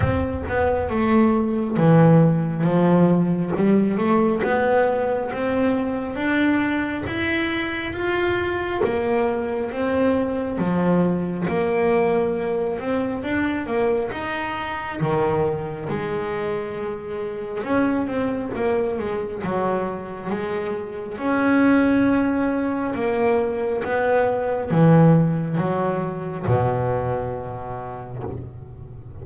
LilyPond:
\new Staff \with { instrumentName = "double bass" } { \time 4/4 \tempo 4 = 68 c'8 b8 a4 e4 f4 | g8 a8 b4 c'4 d'4 | e'4 f'4 ais4 c'4 | f4 ais4. c'8 d'8 ais8 |
dis'4 dis4 gis2 | cis'8 c'8 ais8 gis8 fis4 gis4 | cis'2 ais4 b4 | e4 fis4 b,2 | }